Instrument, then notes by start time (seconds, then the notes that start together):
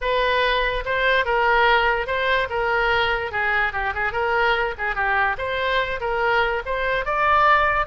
oboe
0.01 B4
0.85 C5
1.25 A#4
2.06 C5
2.49 A#4
3.31 G#4
3.72 G4
3.94 G#4
4.12 A#4
4.78 G#4
4.95 G4
5.38 C5
6.00 A#4
6.65 C5
7.05 D5